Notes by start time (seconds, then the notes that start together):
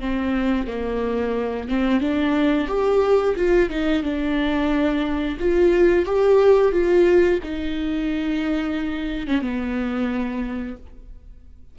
0.00 C4
0.67 A#3
1.68 C4
2.01 D4
2.68 G4
3.36 F4
3.70 D#4
4.03 D4
5.40 F4
6.06 G4
6.72 F4
7.43 D#4
9.27 C#4
9.42 B3